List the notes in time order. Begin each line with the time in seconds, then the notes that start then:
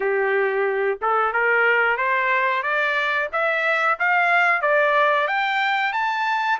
0.00 G4
1.01 A4
1.32 A#4
1.97 C5
2.62 D5
3.32 E5
3.99 F5
4.61 D5
5.27 G5
5.93 A5